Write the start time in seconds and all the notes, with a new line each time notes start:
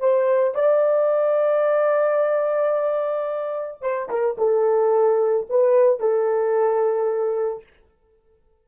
0.00 C5
0.55 D5
3.82 C5
4.10 A#4
4.38 A4
5.49 B4
6.00 A4